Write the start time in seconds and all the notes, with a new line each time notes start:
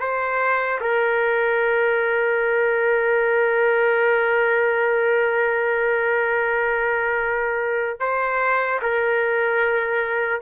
0.00 C5
0.81 A#4
8.00 C5
8.82 A#4